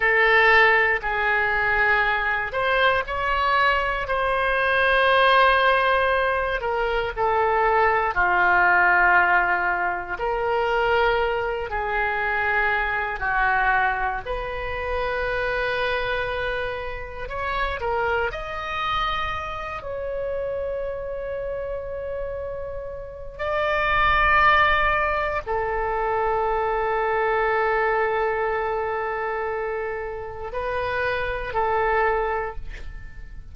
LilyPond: \new Staff \with { instrumentName = "oboe" } { \time 4/4 \tempo 4 = 59 a'4 gis'4. c''8 cis''4 | c''2~ c''8 ais'8 a'4 | f'2 ais'4. gis'8~ | gis'4 fis'4 b'2~ |
b'4 cis''8 ais'8 dis''4. cis''8~ | cis''2. d''4~ | d''4 a'2.~ | a'2 b'4 a'4 | }